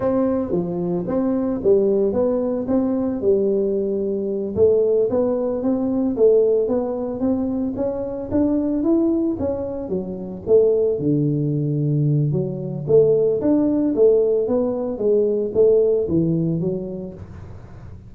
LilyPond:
\new Staff \with { instrumentName = "tuba" } { \time 4/4 \tempo 4 = 112 c'4 f4 c'4 g4 | b4 c'4 g2~ | g8 a4 b4 c'4 a8~ | a8 b4 c'4 cis'4 d'8~ |
d'8 e'4 cis'4 fis4 a8~ | a8 d2~ d8 fis4 | a4 d'4 a4 b4 | gis4 a4 e4 fis4 | }